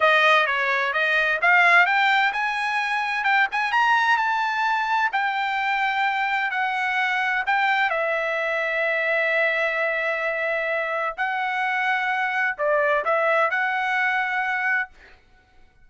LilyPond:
\new Staff \with { instrumentName = "trumpet" } { \time 4/4 \tempo 4 = 129 dis''4 cis''4 dis''4 f''4 | g''4 gis''2 g''8 gis''8 | ais''4 a''2 g''4~ | g''2 fis''2 |
g''4 e''2.~ | e''1 | fis''2. d''4 | e''4 fis''2. | }